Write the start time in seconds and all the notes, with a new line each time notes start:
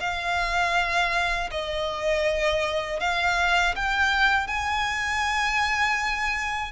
0.00 F5
1.51 D#5
3.00 F5
3.76 G5
4.47 G#5